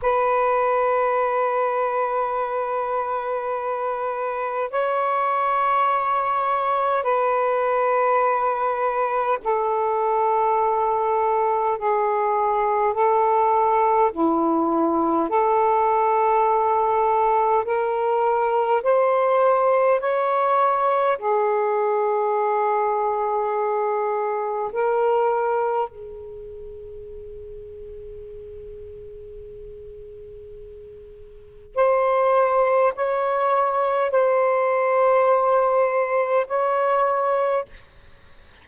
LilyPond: \new Staff \with { instrumentName = "saxophone" } { \time 4/4 \tempo 4 = 51 b'1 | cis''2 b'2 | a'2 gis'4 a'4 | e'4 a'2 ais'4 |
c''4 cis''4 gis'2~ | gis'4 ais'4 gis'2~ | gis'2. c''4 | cis''4 c''2 cis''4 | }